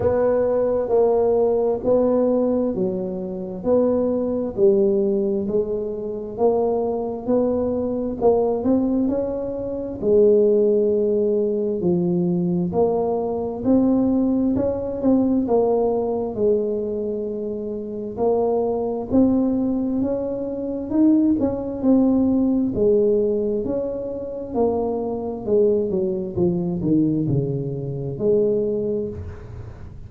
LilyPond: \new Staff \with { instrumentName = "tuba" } { \time 4/4 \tempo 4 = 66 b4 ais4 b4 fis4 | b4 g4 gis4 ais4 | b4 ais8 c'8 cis'4 gis4~ | gis4 f4 ais4 c'4 |
cis'8 c'8 ais4 gis2 | ais4 c'4 cis'4 dis'8 cis'8 | c'4 gis4 cis'4 ais4 | gis8 fis8 f8 dis8 cis4 gis4 | }